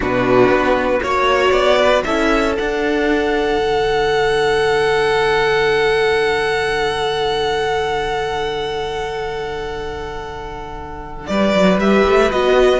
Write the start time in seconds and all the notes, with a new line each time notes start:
0.00 B2 D4 F#4 B4
0.48 B3
1.02 A#3 F#4 C#5
1.51 B3 D5
1.78 B4
2.04 C#4 E4 A4 E5
2.55 D4 F#5
3.57 D3
11.26 G3 B4 D5
11.54 F#3
11.76 G3 G4 E5
12.07 A3
12.30 B3 F#4 D#5